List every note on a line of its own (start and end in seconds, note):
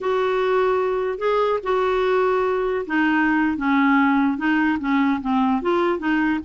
0.00 1.18 F#4
1.18 1.59 G#4
1.63 2.85 F#4
2.86 3.57 D#4
3.57 4.37 C#4
4.37 4.78 D#4
4.79 5.20 C#4
5.21 5.62 C4
5.62 5.98 F4
5.98 6.39 D#4